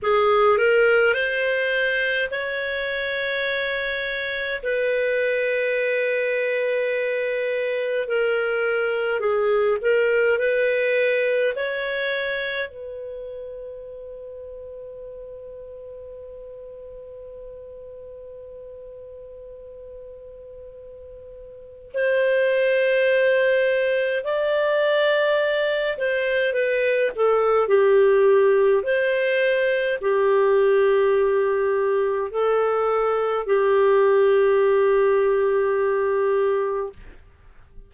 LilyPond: \new Staff \with { instrumentName = "clarinet" } { \time 4/4 \tempo 4 = 52 gis'8 ais'8 c''4 cis''2 | b'2. ais'4 | gis'8 ais'8 b'4 cis''4 b'4~ | b'1~ |
b'2. c''4~ | c''4 d''4. c''8 b'8 a'8 | g'4 c''4 g'2 | a'4 g'2. | }